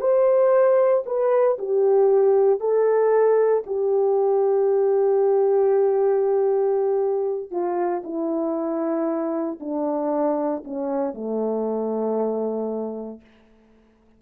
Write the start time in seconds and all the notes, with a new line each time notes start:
0.00 C5
1.05 B4
1.58 G4
2.60 A4
3.66 G4
7.50 F4
8.04 E4
9.60 D4
10.64 C#4
11.13 A3